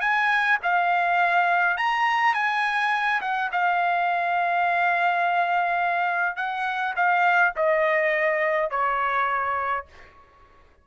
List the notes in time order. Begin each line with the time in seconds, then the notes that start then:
0.00 G#5
0.62 F5
1.77 A#5
2.34 G#5
3.21 F#5
3.52 F5
6.36 F#5
6.96 F5
7.56 D#5
8.70 C#5